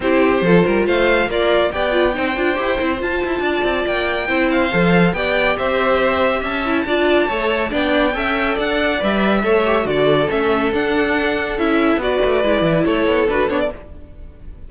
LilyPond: <<
  \new Staff \with { instrumentName = "violin" } { \time 4/4 \tempo 4 = 140 c''2 f''4 d''4 | g''2. a''4~ | a''4 g''4. f''4. | g''4 e''2 a''4~ |
a''2 g''2 | fis''4 e''2 d''4 | e''4 fis''2 e''4 | d''2 cis''4 b'8 cis''16 d''16 | }
  \new Staff \with { instrumentName = "violin" } { \time 4/4 g'4 a'8 ais'8 c''4 f'4 | d''4 c''2. | d''2 c''2 | d''4 c''2 e''4 |
d''4 cis''4 d''4 e''4 | d''2 cis''4 a'4~ | a'1 | b'2 a'2 | }
  \new Staff \with { instrumentName = "viola" } { \time 4/4 e'4 f'2 ais'4 | g'8 f'8 dis'8 f'8 g'8 e'8 f'4~ | f'2 e'4 a'4 | g'2.~ g'8 e'8 |
f'4 a'4 d'4 a'4~ | a'4 b'4 a'8 g'8 fis'4 | cis'4 d'2 e'4 | fis'4 e'2 fis'8 d'8 | }
  \new Staff \with { instrumentName = "cello" } { \time 4/4 c'4 f8 g8 a4 ais4 | b4 c'8 d'8 e'8 c'8 f'8 e'8 | d'8 c'8 ais4 c'4 f4 | b4 c'2 cis'4 |
d'4 a4 b4 cis'4 | d'4 g4 a4 d4 | a4 d'2 cis'4 | b8 a8 gis8 e8 a8 b8 d'8 b8 | }
>>